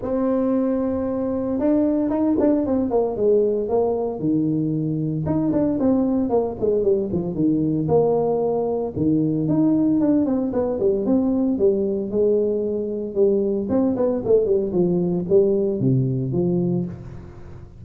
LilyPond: \new Staff \with { instrumentName = "tuba" } { \time 4/4 \tempo 4 = 114 c'2. d'4 | dis'8 d'8 c'8 ais8 gis4 ais4 | dis2 dis'8 d'8 c'4 | ais8 gis8 g8 f8 dis4 ais4~ |
ais4 dis4 dis'4 d'8 c'8 | b8 g8 c'4 g4 gis4~ | gis4 g4 c'8 b8 a8 g8 | f4 g4 c4 f4 | }